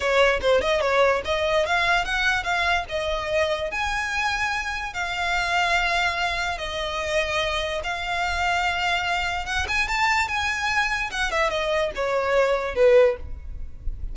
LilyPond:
\new Staff \with { instrumentName = "violin" } { \time 4/4 \tempo 4 = 146 cis''4 c''8 dis''8 cis''4 dis''4 | f''4 fis''4 f''4 dis''4~ | dis''4 gis''2. | f''1 |
dis''2. f''4~ | f''2. fis''8 gis''8 | a''4 gis''2 fis''8 e''8 | dis''4 cis''2 b'4 | }